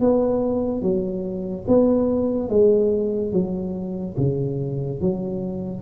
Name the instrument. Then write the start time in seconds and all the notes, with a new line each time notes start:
tuba
0.00 B3
0.82 F#3
1.68 B3
2.49 G#3
3.32 F#3
4.17 C#3
5.01 F#3